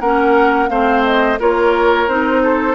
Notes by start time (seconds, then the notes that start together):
0.00 A#3 C#4 A#4 F#5
0.69 A3 C4 C5 F5
1.04 D#5
1.39 A#3 F4 A#4 C#5
2.08 C4 D#4 C5
2.43 A4